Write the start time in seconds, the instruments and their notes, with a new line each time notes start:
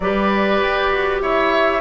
0.00 bassoon G3, clarinet G4, oboe B4, flute D5
0.61 bassoon G4
0.91 bassoon F#4
1.21 bassoon E4, oboe C#5, flute E5